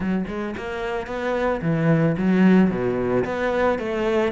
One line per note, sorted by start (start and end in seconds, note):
0.00 0.25 F#3
0.27 0.54 G#3
0.57 1.07 A#3
1.07 1.61 B3
1.61 2.15 E3
2.17 2.70 F#3
2.70 3.24 B2
3.25 3.78 B3
3.78 4.31 A3